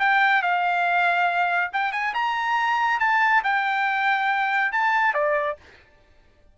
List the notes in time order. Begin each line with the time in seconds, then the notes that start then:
0.00 G5
0.43 F5
1.73 G5
1.92 G#5
2.15 A#5
3.00 A5
3.44 G5
4.73 A5
5.14 D5